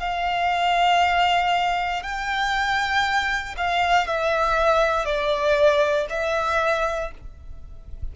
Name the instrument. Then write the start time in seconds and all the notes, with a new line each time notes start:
violin
0.00 F5
2.03 G5
3.57 F5
4.07 E5
5.05 D5
6.10 E5